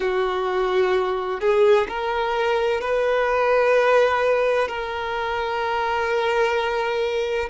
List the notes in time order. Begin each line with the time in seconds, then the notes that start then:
0.00 F#4
1.40 G#4
1.88 A#4
2.80 B4
4.67 A#4